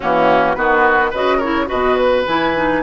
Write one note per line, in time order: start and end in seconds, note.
0.00 0.56 E3
0.00 0.56 A#3
0.00 0.56 C#4
0.00 0.54 F#4
0.54 1.13 D#3
0.54 1.12 B3
0.54 1.10 F#4
0.54 1.11 B4
1.10 1.70 C#3
1.10 1.42 F#4
1.10 1.37 B4
1.10 1.40 D#5
1.37 1.66 E4
1.37 1.65 A#4
1.37 1.68 C#5
1.66 2.26 B2
1.66 2.22 F#4
1.66 2.82 B4
1.66 1.96 D#5
1.96 2.24 B4
2.26 2.83 E3
2.26 2.56 E4
2.26 2.83 G#5
2.56 2.83 D#4